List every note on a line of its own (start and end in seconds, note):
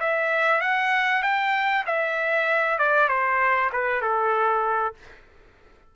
0.00 0.61 E5
0.61 1.23 F#5
1.23 1.84 G5
1.86 2.78 E5
2.78 3.08 D5
3.08 3.70 C5
3.73 4.01 B4
4.01 4.94 A4